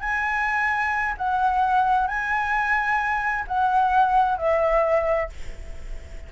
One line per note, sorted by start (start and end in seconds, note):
0.00 1.15 G#5
1.17 2.07 F#5
2.07 3.45 G#5
3.47 4.38 F#5
4.38 5.29 E5